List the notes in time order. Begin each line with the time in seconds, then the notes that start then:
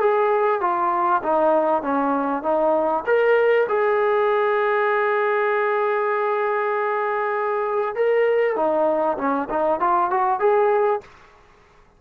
0.00 G#4
0.61 F4
1.22 D#4
1.83 C#4
2.43 D#4
3.06 A#4
3.68 G#4
7.95 A#4
8.56 D#4
9.18 C#4
9.49 D#4
9.80 F4
10.10 F#4
10.39 G#4